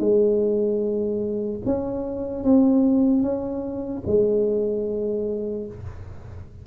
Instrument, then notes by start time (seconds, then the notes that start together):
tuba
0.00 G#3
1.65 C#4
2.44 C4
3.23 C#4
4.07 G#3